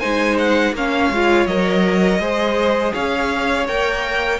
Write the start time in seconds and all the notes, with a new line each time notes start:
0.00 G#3 D#4 C5 G#5
0.38 F#5
0.73 A#3 C#4 C#5 F5
1.11 G#3 F4
1.46 F#3 A#4 D#5
2.19 G#3 G#4 C5
2.94 C#4 C#5 F5
3.68 A#3 A#4 G5